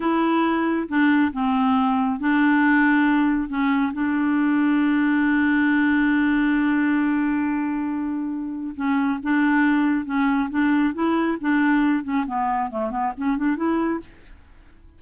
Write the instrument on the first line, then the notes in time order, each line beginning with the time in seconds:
clarinet
0.00 E4
0.88 D4
1.32 C4
2.19 D4
3.48 C#4
3.93 D4
8.75 C#4
9.22 D4
10.05 C#4
10.50 D4
10.93 E4
11.40 D4
12.03 C#4
12.26 B3
12.70 A3
12.90 B3
13.17 C#4
13.37 D4
13.56 E4